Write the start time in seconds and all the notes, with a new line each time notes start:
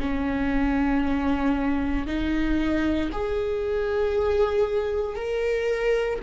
0.00 C#4
2.07 D#4
3.13 G#4
5.16 A#4